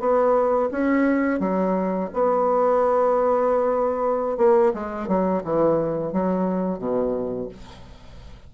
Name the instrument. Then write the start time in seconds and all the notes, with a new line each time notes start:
bassoon
0.00 B3
0.72 C#4
1.40 F#3
2.13 B3
4.38 A#3
4.74 G#3
5.08 F#3
5.44 E3
6.13 F#3
6.79 B2